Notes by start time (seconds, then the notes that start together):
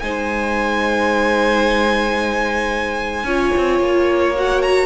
0.00 G#3 D#4 C5 G#5
3.24 C#4 F4 C#5
3.57 C4
3.80 A#3
4.36 F#4 F#5
4.62 A#5